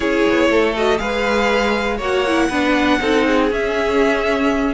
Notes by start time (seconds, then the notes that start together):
0.00 C#4 E4 G#4 C#5
0.29 B3
0.49 A3 A4
0.76 F#4 D#5
0.97 G#3 G#4 B4 F5
1.96 A#3 F#4 C#5 F#5
2.27 E4
2.49 B3 D4 B4
3.00 C4 D#4 A4
3.26 G#4
3.51 C#4 E5